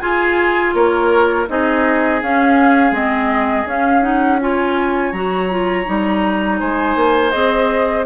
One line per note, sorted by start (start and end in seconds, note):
0.00 1.47 F4
0.00 0.74 F4
0.00 0.75 G#4
0.00 0.73 G#5
0.74 1.47 A#3
0.74 1.49 A#4
0.74 1.47 C#5
1.49 2.22 C4
1.49 2.22 D#4
1.49 4.42 G#4
1.49 2.22 D#5
2.22 2.91 C#4
2.22 2.93 C#4
2.22 2.94 F5
2.91 3.65 G#3
2.91 3.66 C4
2.91 3.68 D#5
3.66 5.12 C#4
3.66 4.02 C#4
3.66 4.03 F5
4.02 4.38 D#4
4.02 4.39 F#5
4.41 5.14 F4
4.41 6.60 C#5
4.41 5.12 G#5
5.12 5.86 F#3
5.12 5.50 F#4
5.12 6.59 A#5
5.50 5.85 F4
5.85 6.61 G3
5.85 7.32 D#4
6.60 6.96 G#3
6.60 8.06 C5
6.60 7.31 G#5
6.96 7.32 A#3
7.31 8.06 C4
7.31 8.05 G#4
7.31 8.04 D#5